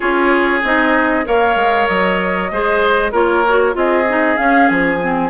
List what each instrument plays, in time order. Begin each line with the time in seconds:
0.00 bassoon C#4, clarinet F4, oboe G#4, flute C#5
0.63 bassoon C4, clarinet D#4, flute D#5
1.24 bassoon A#3, clarinet A#4, oboe C#5, flute F5
1.55 bassoon G#3
1.87 bassoon F#3, flute D#5
2.51 bassoon G#3, clarinet G#4, oboe C5
3.11 bassoon A#3, clarinet F4, oboe A#4, flute C#5
3.48 clarinet F#4
3.72 bassoon C4, clarinet F4, oboe G#4, flute D#5
4.08 clarinet D#4
4.36 clarinet C#4, bassoon C#4, flute F5
4.68 bassoon F3, flute G#5
5.02 clarinet C4